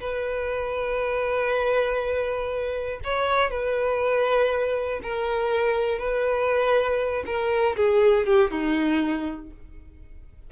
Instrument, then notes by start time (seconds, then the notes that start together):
violin
0.00 B4
3.04 C#5
3.50 B4
5.03 A#4
5.99 B4
7.26 A#4
7.76 G#4
8.26 G4
8.51 D#4